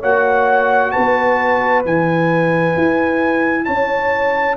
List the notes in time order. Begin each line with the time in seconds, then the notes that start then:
0.00 A#3 F#4 C#5 F#5
0.91 B3 B4 A5
1.85 E3 E4 G#5
2.77 E4
3.65 C#4 C#5 A5